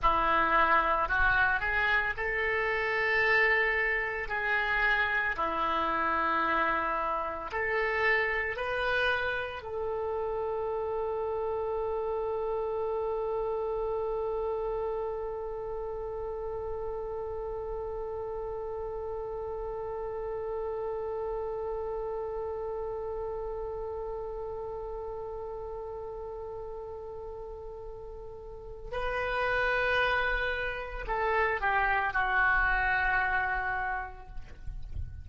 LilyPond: \new Staff \with { instrumentName = "oboe" } { \time 4/4 \tempo 4 = 56 e'4 fis'8 gis'8 a'2 | gis'4 e'2 a'4 | b'4 a'2.~ | a'1~ |
a'1~ | a'1~ | a'2. b'4~ | b'4 a'8 g'8 fis'2 | }